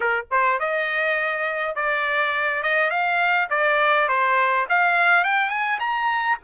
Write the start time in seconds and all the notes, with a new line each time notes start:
0.00 A#4
0.31 C5
0.59 D#5
1.75 D5
2.62 D#5
2.90 F5
3.50 D5
4.08 C5
4.69 F5
5.24 G5
5.49 G#5
5.79 A#5